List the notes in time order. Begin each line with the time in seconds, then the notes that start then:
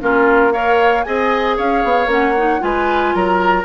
0.00 A#3 C#4 F4 A#4
0.52 A#4 C#5 F5
1.03 C4 G#4 D#5 G#5
1.57 C#4 C#5 F5
1.84 B3
2.06 A#3 C#4 F#5
2.37 D#4
2.60 G#3 F4 B4 G#5
3.14 F#3 A#4 A#5